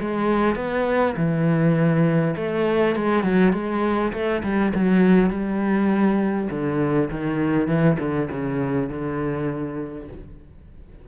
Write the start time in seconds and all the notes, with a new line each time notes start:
0.00 G#3
0.55 B3
1.16 E3
2.36 A3
2.96 G#3
3.23 F#3
3.53 G#3
4.13 A3
4.43 G3
4.74 F#3
5.30 G3
6.50 D3
7.11 D#3
7.67 E3
7.99 D3
8.31 C#3
8.89 D3